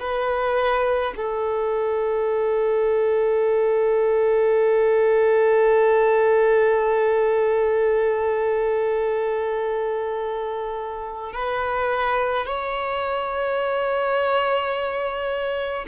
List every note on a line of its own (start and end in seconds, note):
0.00 1.13 B4
1.17 11.33 A4
11.33 12.46 B4
12.46 15.86 C#5